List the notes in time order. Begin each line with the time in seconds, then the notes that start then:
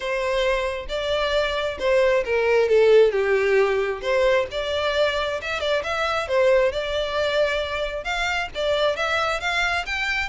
0.00 C5
0.88 D5
1.79 C5
2.25 A#4
2.68 A4
3.11 G4
4.01 C5
4.51 D5
5.41 E5
5.60 D5
5.83 E5
6.28 C5
6.71 D5
8.04 F5
8.54 D5
8.96 E5
9.40 F5
9.85 G5